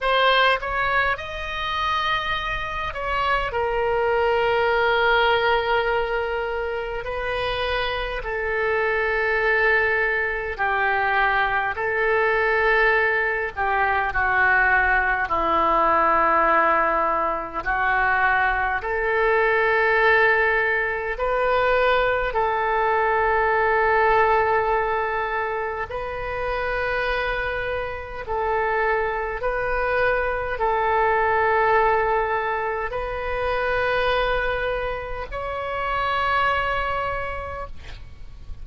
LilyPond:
\new Staff \with { instrumentName = "oboe" } { \time 4/4 \tempo 4 = 51 c''8 cis''8 dis''4. cis''8 ais'4~ | ais'2 b'4 a'4~ | a'4 g'4 a'4. g'8 | fis'4 e'2 fis'4 |
a'2 b'4 a'4~ | a'2 b'2 | a'4 b'4 a'2 | b'2 cis''2 | }